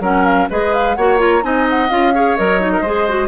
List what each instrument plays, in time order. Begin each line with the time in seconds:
0.00 bassoon F#3, clarinet C#4, oboe A#4, flute F#5
0.25 flute F5
0.50 bassoon G#3, clarinet G#4, oboe B4, flute D#5
0.73 flute F5
0.96 bassoon A#3, clarinet F#4, oboe C#5, flute F#5
1.18 clarinet F4, flute A#5
1.42 bassoon C4, clarinet D#4, oboe D#5, flute G#5
1.70 flute F#5
1.90 bassoon C#4, clarinet F4, flute F5
2.15 clarinet G#4, oboe C#5
2.37 bassoon F#3, clarinet A#4, flute D#5
2.61 clarinet D#4
2.73 oboe A#4
2.81 bassoon G#3, clarinet G#4, oboe C5
3.09 clarinet F#4